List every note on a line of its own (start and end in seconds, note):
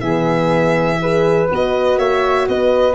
0.00 1.48 E3
0.00 0.99 B3
0.00 1.01 G#4
0.00 1.48 E5
1.00 1.49 G#4
1.00 1.98 B4
1.51 1.98 B3
1.51 2.95 F#4
1.51 1.99 D#5
1.98 2.48 A#3
1.98 2.48 C#5
1.98 2.48 E5
2.48 2.95 B3
2.48 2.95 B4
2.48 2.95 D#5